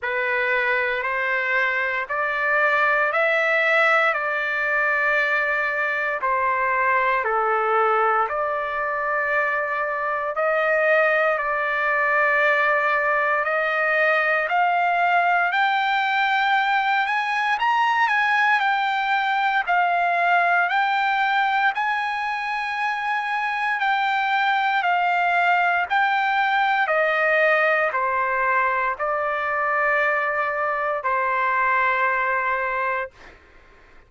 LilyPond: \new Staff \with { instrumentName = "trumpet" } { \time 4/4 \tempo 4 = 58 b'4 c''4 d''4 e''4 | d''2 c''4 a'4 | d''2 dis''4 d''4~ | d''4 dis''4 f''4 g''4~ |
g''8 gis''8 ais''8 gis''8 g''4 f''4 | g''4 gis''2 g''4 | f''4 g''4 dis''4 c''4 | d''2 c''2 | }